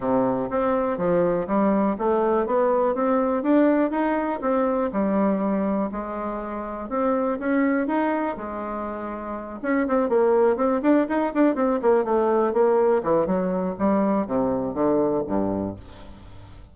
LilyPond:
\new Staff \with { instrumentName = "bassoon" } { \time 4/4 \tempo 4 = 122 c4 c'4 f4 g4 | a4 b4 c'4 d'4 | dis'4 c'4 g2 | gis2 c'4 cis'4 |
dis'4 gis2~ gis8 cis'8 | c'8 ais4 c'8 d'8 dis'8 d'8 c'8 | ais8 a4 ais4 e8 fis4 | g4 c4 d4 g,4 | }